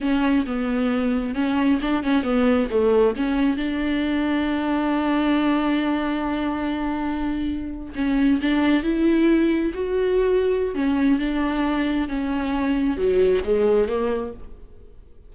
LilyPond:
\new Staff \with { instrumentName = "viola" } { \time 4/4 \tempo 4 = 134 cis'4 b2 cis'4 | d'8 cis'8 b4 a4 cis'4 | d'1~ | d'1~ |
d'4.~ d'16 cis'4 d'4 e'16~ | e'4.~ e'16 fis'2~ fis'16 | cis'4 d'2 cis'4~ | cis'4 fis4 gis4 ais4 | }